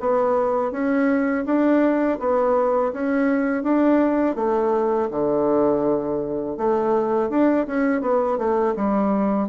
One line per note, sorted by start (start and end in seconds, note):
0.00 0.72 B3
0.72 1.45 C#4
1.46 2.19 D4
2.19 2.92 B3
2.93 3.63 C#4
3.63 4.36 D4
4.36 5.09 A3
5.11 6.57 D3
6.57 7.30 A3
7.30 7.66 D4
7.67 8.01 C#4
8.01 8.38 B3
8.38 8.75 A3
8.76 9.49 G3